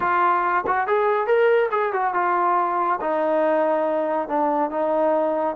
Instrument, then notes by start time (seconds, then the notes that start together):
trombone
0.00 F4
0.66 F#4
0.87 G#4
1.26 A#4
1.71 G#4
1.92 F#4
2.14 F4
3.00 D#4
4.28 D4
4.70 D#4